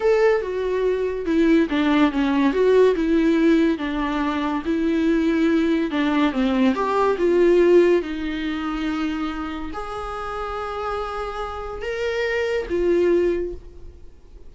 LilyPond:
\new Staff \with { instrumentName = "viola" } { \time 4/4 \tempo 4 = 142 a'4 fis'2 e'4 | d'4 cis'4 fis'4 e'4~ | e'4 d'2 e'4~ | e'2 d'4 c'4 |
g'4 f'2 dis'4~ | dis'2. gis'4~ | gis'1 | ais'2 f'2 | }